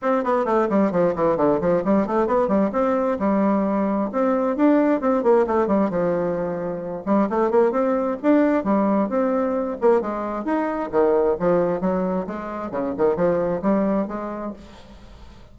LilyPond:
\new Staff \with { instrumentName = "bassoon" } { \time 4/4 \tempo 4 = 132 c'8 b8 a8 g8 f8 e8 d8 f8 | g8 a8 b8 g8 c'4 g4~ | g4 c'4 d'4 c'8 ais8 | a8 g8 f2~ f8 g8 |
a8 ais8 c'4 d'4 g4 | c'4. ais8 gis4 dis'4 | dis4 f4 fis4 gis4 | cis8 dis8 f4 g4 gis4 | }